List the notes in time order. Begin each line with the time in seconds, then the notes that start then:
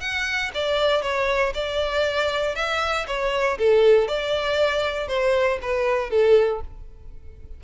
0.00 F#5
0.54 D5
1.02 C#5
1.54 D5
2.55 E5
3.07 C#5
3.58 A4
4.07 D5
5.08 C5
5.62 B4
6.10 A4